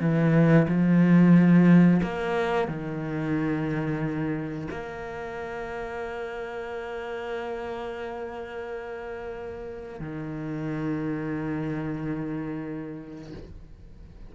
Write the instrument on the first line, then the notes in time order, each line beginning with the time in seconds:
cello
0.00 E3
0.68 F3
2.02 A#3
2.68 D#3
4.70 A#3
9.99 D#3